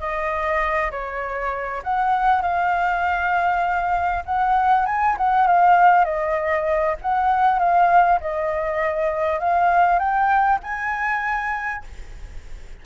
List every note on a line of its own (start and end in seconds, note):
0.00 0.91 D#5
0.91 1.82 C#5
1.84 2.42 F#5
2.42 4.24 F5
4.26 4.86 F#5
4.86 5.17 G#5
5.18 5.47 F#5
5.47 6.05 F5
6.05 6.96 D#5
7.02 7.59 F#5
7.59 8.20 F5
8.21 9.40 D#5
9.40 9.99 F5
9.99 10.60 G5
10.63 11.85 G#5